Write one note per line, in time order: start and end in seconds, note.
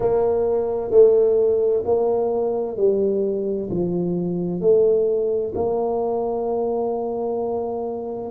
0.00 0.90 A#3
0.90 1.83 A3
1.85 2.77 A#3
2.77 3.69 G3
3.70 4.60 F3
4.60 5.53 A3
5.54 8.31 A#3